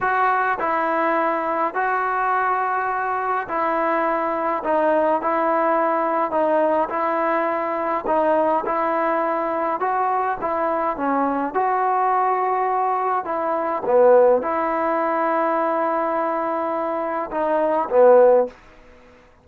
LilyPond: \new Staff \with { instrumentName = "trombone" } { \time 4/4 \tempo 4 = 104 fis'4 e'2 fis'4~ | fis'2 e'2 | dis'4 e'2 dis'4 | e'2 dis'4 e'4~ |
e'4 fis'4 e'4 cis'4 | fis'2. e'4 | b4 e'2.~ | e'2 dis'4 b4 | }